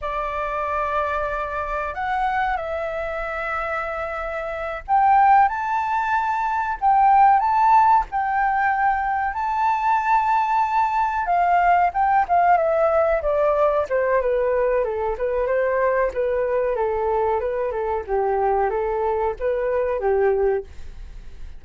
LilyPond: \new Staff \with { instrumentName = "flute" } { \time 4/4 \tempo 4 = 93 d''2. fis''4 | e''2.~ e''8 g''8~ | g''8 a''2 g''4 a''8~ | a''8 g''2 a''4.~ |
a''4. f''4 g''8 f''8 e''8~ | e''8 d''4 c''8 b'4 a'8 b'8 | c''4 b'4 a'4 b'8 a'8 | g'4 a'4 b'4 g'4 | }